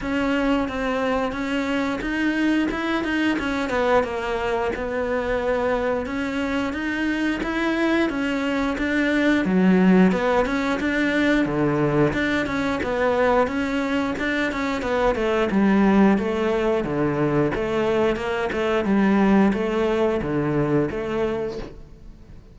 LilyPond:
\new Staff \with { instrumentName = "cello" } { \time 4/4 \tempo 4 = 89 cis'4 c'4 cis'4 dis'4 | e'8 dis'8 cis'8 b8 ais4 b4~ | b4 cis'4 dis'4 e'4 | cis'4 d'4 fis4 b8 cis'8 |
d'4 d4 d'8 cis'8 b4 | cis'4 d'8 cis'8 b8 a8 g4 | a4 d4 a4 ais8 a8 | g4 a4 d4 a4 | }